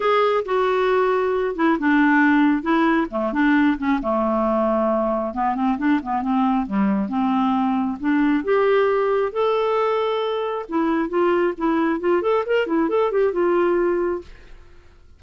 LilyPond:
\new Staff \with { instrumentName = "clarinet" } { \time 4/4 \tempo 4 = 135 gis'4 fis'2~ fis'8 e'8 | d'2 e'4 a8 d'8~ | d'8 cis'8 a2. | b8 c'8 d'8 b8 c'4 g4 |
c'2 d'4 g'4~ | g'4 a'2. | e'4 f'4 e'4 f'8 a'8 | ais'8 e'8 a'8 g'8 f'2 | }